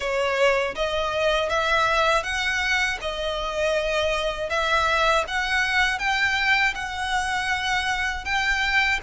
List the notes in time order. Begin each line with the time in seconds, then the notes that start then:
0.00 C#5
0.75 D#5
1.49 E5
2.23 F#5
3.01 D#5
4.49 E5
5.27 F#5
5.99 G5
6.74 F#5
8.24 G5